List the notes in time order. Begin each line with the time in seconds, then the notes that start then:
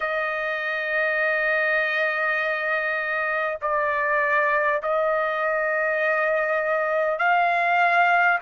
0.00 D#5
3.61 D5
4.82 D#5
7.18 F5